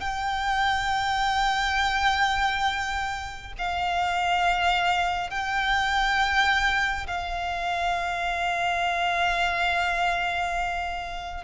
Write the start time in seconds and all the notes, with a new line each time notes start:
0.00 G5
3.58 F5
5.30 G5
7.07 F5